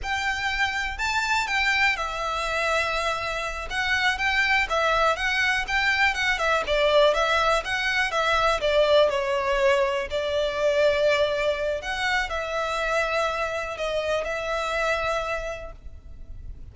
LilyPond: \new Staff \with { instrumentName = "violin" } { \time 4/4 \tempo 4 = 122 g''2 a''4 g''4 | e''2.~ e''8 fis''8~ | fis''8 g''4 e''4 fis''4 g''8~ | g''8 fis''8 e''8 d''4 e''4 fis''8~ |
fis''8 e''4 d''4 cis''4.~ | cis''8 d''2.~ d''8 | fis''4 e''2. | dis''4 e''2. | }